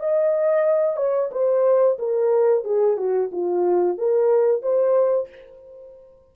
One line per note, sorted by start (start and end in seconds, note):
0.00 0.97 D#5
0.97 1.31 C#5
1.32 1.98 C5
1.99 2.65 A#4
2.65 2.98 G#4
2.98 3.31 F#4
3.32 3.98 F4
3.98 4.63 A#4
4.63 5.29 C5